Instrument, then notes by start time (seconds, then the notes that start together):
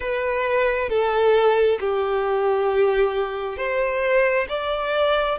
violin
0.00 B4
0.89 A4
1.80 G4
3.57 C5
4.49 D5